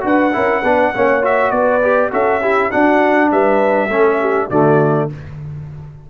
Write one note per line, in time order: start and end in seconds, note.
0.00 0.34 D4
0.00 0.30 F#4
0.00 0.34 B4
0.00 1.25 F#5
0.33 0.63 C#4
0.33 0.62 E4
0.33 0.62 A#4
0.62 0.93 B3
0.62 0.94 D4
0.62 0.92 B4
0.94 1.51 A#3
0.94 1.22 C#4
0.94 1.52 C#5
1.22 1.81 F#4
1.22 1.50 E5
1.50 2.11 B3
1.50 2.11 B4
1.50 2.10 D5
1.82 2.11 G4
2.11 2.71 C#4
2.11 2.41 F#4
2.11 2.41 A4
2.11 2.71 E5
2.41 2.71 E4
2.41 2.70 G4
2.70 3.89 D4
2.70 3.31 D4
2.70 3.30 F#4
2.70 3.30 F#5
3.31 3.88 G3
3.31 3.88 B4
3.31 4.50 E5
3.88 4.48 A3
3.88 4.50 C#4
3.88 4.18 A4
4.20 4.49 G4
4.49 5.09 D3
4.49 5.10 A3
4.49 5.09 F#4
4.49 5.09 D5